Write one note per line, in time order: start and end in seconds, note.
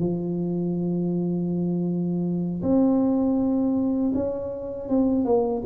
0.00 2.62 F3
2.63 4.13 C4
4.15 4.89 C#4
4.89 5.25 C4
5.25 5.63 A#3